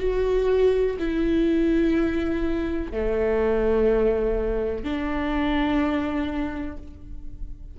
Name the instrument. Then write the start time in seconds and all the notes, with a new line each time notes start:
viola
0.00 F#4
0.99 E4
2.92 A3
4.84 D4